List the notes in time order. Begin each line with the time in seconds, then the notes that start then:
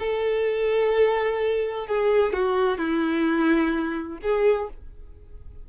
0.00 A4
1.87 G#4
2.34 F#4
2.78 E4
4.23 G#4